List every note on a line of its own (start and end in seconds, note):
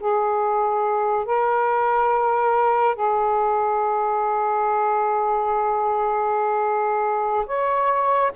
0.00 1.25 G#4
1.25 2.96 A#4
2.96 7.46 G#4
7.46 8.32 C#5